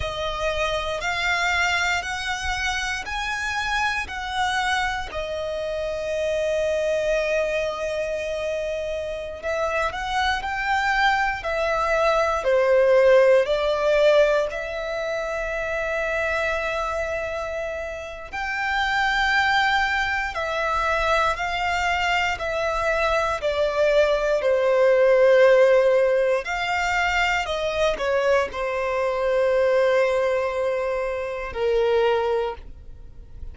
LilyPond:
\new Staff \with { instrumentName = "violin" } { \time 4/4 \tempo 4 = 59 dis''4 f''4 fis''4 gis''4 | fis''4 dis''2.~ | dis''4~ dis''16 e''8 fis''8 g''4 e''8.~ | e''16 c''4 d''4 e''4.~ e''16~ |
e''2 g''2 | e''4 f''4 e''4 d''4 | c''2 f''4 dis''8 cis''8 | c''2. ais'4 | }